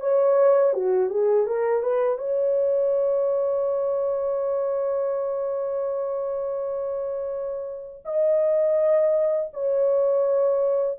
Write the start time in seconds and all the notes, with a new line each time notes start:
0.00 C#5
0.73 F#4
1.10 G#4
1.47 A#4
1.83 B4
2.18 C#5
8.05 D#5
9.53 C#5